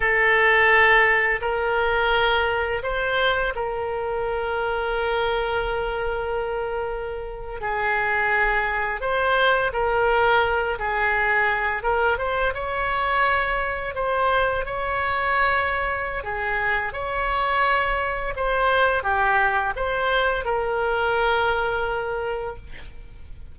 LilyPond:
\new Staff \with { instrumentName = "oboe" } { \time 4/4 \tempo 4 = 85 a'2 ais'2 | c''4 ais'2.~ | ais'2~ ais'8. gis'4~ gis'16~ | gis'8. c''4 ais'4. gis'8.~ |
gis'8. ais'8 c''8 cis''2 c''16~ | c''8. cis''2~ cis''16 gis'4 | cis''2 c''4 g'4 | c''4 ais'2. | }